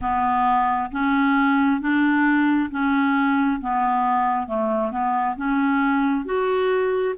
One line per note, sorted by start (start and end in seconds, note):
0.01 0.90 B3
0.91 1.80 C#4
1.80 2.70 D4
2.70 3.60 C#4
3.61 4.47 B3
4.47 4.91 A3
4.91 5.36 B3
5.36 6.25 C#4
6.25 7.14 F#4